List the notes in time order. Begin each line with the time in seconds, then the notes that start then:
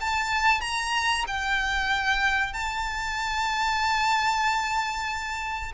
0.00 A5
0.61 A#5
1.27 G5
2.53 A5